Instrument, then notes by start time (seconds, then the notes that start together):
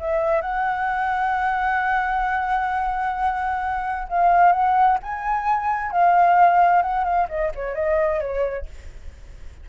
flute
0.00 E5
0.42 F#5
4.09 F5
4.53 F#5
5.03 G#5
5.92 F5
6.83 F#5
7.05 F5
7.29 D#5
7.55 C#5
7.76 D#5
8.21 C#5